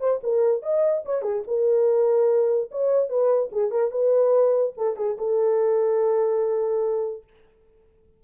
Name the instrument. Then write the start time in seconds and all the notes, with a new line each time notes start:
horn
0.00 C5
0.23 A#4
0.63 D#5
1.05 C#5
1.22 G#4
1.47 A#4
2.71 C#5
3.09 B4
3.52 G#4
3.71 A#4
3.91 B4
4.77 A4
4.97 G#4
5.18 A4